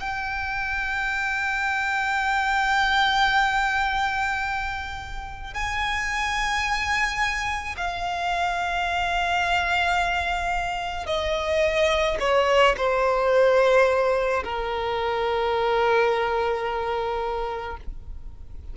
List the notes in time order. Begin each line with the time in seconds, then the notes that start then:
0.00 G5
5.54 G#5
7.77 F5
11.07 D#5
12.20 C#5
12.77 C5
14.44 A#4